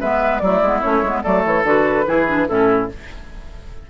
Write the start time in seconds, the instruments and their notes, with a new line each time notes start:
0.00 bassoon G#3, clarinet B3, oboe B4, flute E5
0.38 bassoon F#3, clarinet A3, oboe E4, flute D5
0.61 bassoon G#3, clarinet B3
0.81 bassoon A3, clarinet C#4, flute C#5
1.03 bassoon G#3, clarinet B3
1.23 bassoon F#3, clarinet A3, oboe A4, flute D5
1.44 bassoon E3, flute C#5
1.64 bassoon D3, clarinet F#4, flute B4
2.05 bassoon E3, clarinet E4, oboe G#4
2.27 clarinet D4
2.47 bassoon A2, clarinet C#4, oboe E4, flute A4